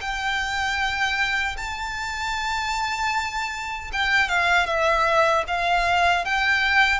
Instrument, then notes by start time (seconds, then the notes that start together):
violin
0.00 G5
1.57 A5
3.92 G5
4.28 F5
4.66 E5
5.47 F5
6.25 G5